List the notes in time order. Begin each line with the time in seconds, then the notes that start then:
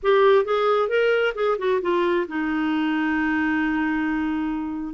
0.02 G4
0.44 G#4
0.88 A#4
1.35 G#4
1.58 F#4
1.81 F4
2.28 D#4